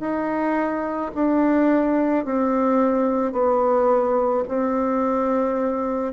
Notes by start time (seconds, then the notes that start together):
0.00 D#4
1.15 D4
2.25 C4
3.32 B3
4.48 C4